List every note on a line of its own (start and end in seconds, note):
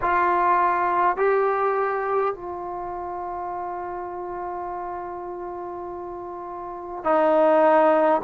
0.01 1.17 F4
1.17 2.34 G4
2.34 7.04 F4
7.04 8.21 D#4